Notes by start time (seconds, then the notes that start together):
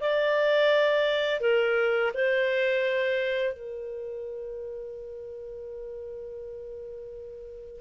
0.00 D5
1.40 A#4
2.14 C5
3.53 A#4